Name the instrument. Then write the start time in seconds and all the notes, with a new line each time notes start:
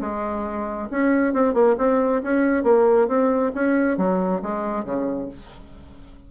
bassoon
0.00 G#3
0.90 C#4
1.33 C4
1.53 A#3
1.78 C4
2.23 C#4
2.63 A#3
3.07 C4
3.54 C#4
3.97 F#3
4.42 G#3
4.84 C#3